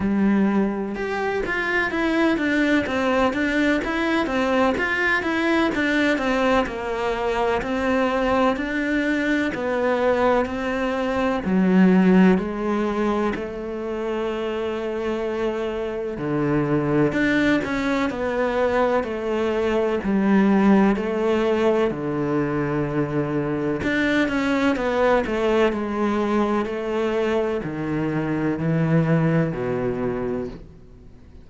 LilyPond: \new Staff \with { instrumentName = "cello" } { \time 4/4 \tempo 4 = 63 g4 g'8 f'8 e'8 d'8 c'8 d'8 | e'8 c'8 f'8 e'8 d'8 c'8 ais4 | c'4 d'4 b4 c'4 | fis4 gis4 a2~ |
a4 d4 d'8 cis'8 b4 | a4 g4 a4 d4~ | d4 d'8 cis'8 b8 a8 gis4 | a4 dis4 e4 b,4 | }